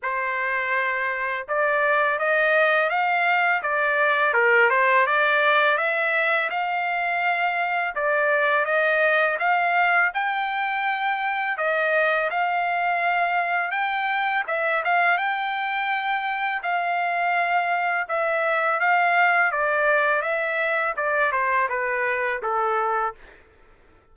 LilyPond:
\new Staff \with { instrumentName = "trumpet" } { \time 4/4 \tempo 4 = 83 c''2 d''4 dis''4 | f''4 d''4 ais'8 c''8 d''4 | e''4 f''2 d''4 | dis''4 f''4 g''2 |
dis''4 f''2 g''4 | e''8 f''8 g''2 f''4~ | f''4 e''4 f''4 d''4 | e''4 d''8 c''8 b'4 a'4 | }